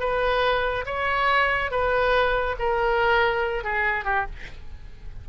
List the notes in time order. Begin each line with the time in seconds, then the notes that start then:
0.00 B4
0.86 C#5
1.71 B4
2.59 A#4
3.64 G#4
4.05 G4